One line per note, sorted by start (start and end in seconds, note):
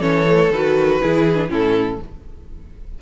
0.00 0.50 E3
0.00 0.25 C#4
0.00 1.00 A4
0.00 0.52 C#5
0.28 0.52 A3
0.51 1.00 D#3
0.51 1.02 F#4
0.51 1.51 B4
1.02 1.50 E3
1.02 1.35 E4
1.02 1.50 G#4
1.35 1.47 D4
1.48 1.99 A2
1.48 1.98 C#4
1.48 1.99 E4
1.48 2.02 A4